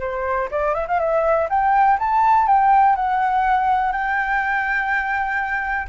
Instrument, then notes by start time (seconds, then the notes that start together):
flute
0.00 C5
0.51 D5
0.75 E5
0.88 F5
1.00 E5
1.50 G5
1.99 A5
2.47 G5
2.96 F#5
3.92 G5